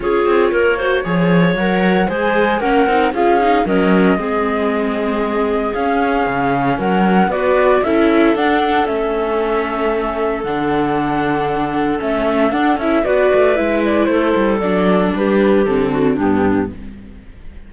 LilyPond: <<
  \new Staff \with { instrumentName = "flute" } { \time 4/4 \tempo 4 = 115 cis''2. fis''4 | gis''4 fis''4 f''4 dis''4~ | dis''2. f''4~ | f''4 fis''4 d''4 e''4 |
fis''4 e''2. | fis''2. e''4 | fis''8 e''8 d''4 e''8 d''8 c''4 | d''4 b'4 a'4 g'4 | }
  \new Staff \with { instrumentName = "clarinet" } { \time 4/4 gis'4 ais'8 c''8 cis''2 | c''4 ais'4 gis'4 ais'4 | gis'1~ | gis'4 ais'4 b'4 a'4~ |
a'1~ | a'1~ | a'4 b'2 a'4~ | a'4 g'4. fis'8 d'4 | }
  \new Staff \with { instrumentName = "viola" } { \time 4/4 f'4. fis'8 gis'4 ais'4 | gis'4 cis'8 dis'8 f'8 dis'8 cis'4 | c'2. cis'4~ | cis'2 fis'4 e'4 |
d'4 cis'2. | d'2. cis'4 | d'8 e'8 fis'4 e'2 | d'2 c'4 b4 | }
  \new Staff \with { instrumentName = "cello" } { \time 4/4 cis'8 c'8 ais4 f4 fis4 | gis4 ais8 c'8 cis'4 fis4 | gis2. cis'4 | cis4 fis4 b4 cis'4 |
d'4 a2. | d2. a4 | d'8 cis'8 b8 a8 gis4 a8 g8 | fis4 g4 d4 g,4 | }
>>